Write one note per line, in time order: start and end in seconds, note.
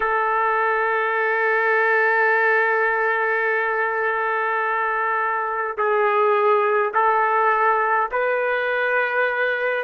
0.00 5.76 A4
5.77 6.92 G#4
6.94 8.09 A4
8.11 9.83 B4